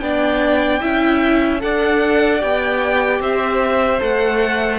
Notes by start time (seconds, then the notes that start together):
0.00 B3 D4 D5 G5
0.81 C#4 E4 E5
1.60 D4 A4 D5 F#5
2.40 B3 G4 G5
3.20 C4 C5 E5
4.00 A3 A4 F#5